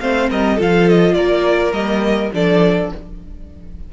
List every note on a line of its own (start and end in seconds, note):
0.00 0.30 A3
0.00 0.58 C4
0.00 0.30 C5
0.00 0.29 F5
0.30 0.60 G3
0.30 0.56 A#4
0.30 0.60 D#5
0.56 1.16 F3
0.56 1.72 F4
0.56 1.14 A4
0.56 0.89 F5
0.89 1.14 D#5
1.14 1.72 A#3
1.14 2.33 A#4
1.14 1.72 D5
1.72 2.30 G3
1.72 2.30 A#3
1.72 2.31 D#5
2.34 2.92 F3
2.34 2.92 D4
2.34 2.93 A4
2.34 2.93 D5